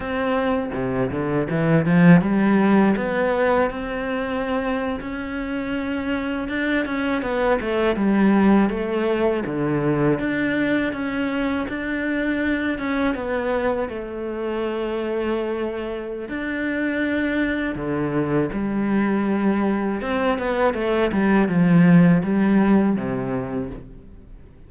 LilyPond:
\new Staff \with { instrumentName = "cello" } { \time 4/4 \tempo 4 = 81 c'4 c8 d8 e8 f8 g4 | b4 c'4.~ c'16 cis'4~ cis'16~ | cis'8. d'8 cis'8 b8 a8 g4 a16~ | a8. d4 d'4 cis'4 d'16~ |
d'4~ d'16 cis'8 b4 a4~ a16~ | a2 d'2 | d4 g2 c'8 b8 | a8 g8 f4 g4 c4 | }